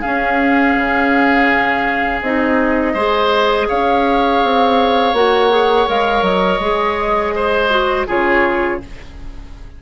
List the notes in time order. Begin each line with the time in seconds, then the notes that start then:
0.00 C#4 G#4 F5
0.75 C#3
2.21 C4 D#4 D#5
2.93 G#3 G#4 C5
3.68 C#4 C#5 F5
4.43 C4
5.13 A#3 F#4 F#5
5.50 G#4
5.86 G#3 A#4 F5
6.21 F#3 D#5
6.59 G#3 G#4
7.35 C5
7.70 F#4
8.07 C#3 F4 G#4 C#5